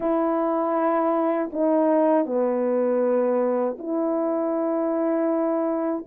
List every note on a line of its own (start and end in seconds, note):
0.00 1.50 E4
1.52 2.25 D#4
2.25 3.77 B3
3.78 6.06 E4